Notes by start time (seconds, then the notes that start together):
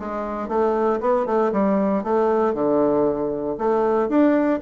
0.00 G#3
0.49 A3
1.01 B3
1.26 A3
1.53 G3
2.04 A3
2.55 D3
3.59 A3
4.09 D4